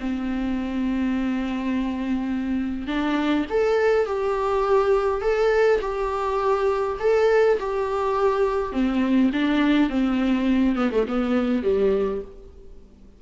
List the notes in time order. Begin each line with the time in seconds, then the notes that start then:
0.00 C4
2.87 D4
3.50 A4
4.06 G4
5.22 A4
5.81 G4
7.00 A4
7.59 G4
8.72 C4
9.33 D4
9.89 C4
10.76 B3
10.92 A3
11.08 B3
11.63 G3